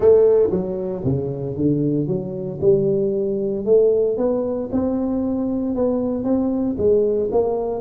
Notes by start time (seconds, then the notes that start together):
0.00 A3
0.51 F#3
1.04 C#3
1.56 D3
2.07 F#3
2.60 G3
3.65 A3
4.17 B3
4.71 C4
5.75 B3
6.23 C4
6.78 G#3
7.31 A#3